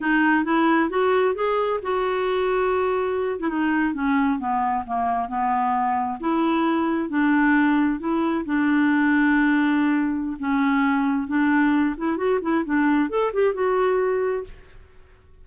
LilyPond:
\new Staff \with { instrumentName = "clarinet" } { \time 4/4 \tempo 4 = 133 dis'4 e'4 fis'4 gis'4 | fis'2.~ fis'8 e'16 dis'16~ | dis'8. cis'4 b4 ais4 b16~ | b4.~ b16 e'2 d'16~ |
d'4.~ d'16 e'4 d'4~ d'16~ | d'2. cis'4~ | cis'4 d'4. e'8 fis'8 e'8 | d'4 a'8 g'8 fis'2 | }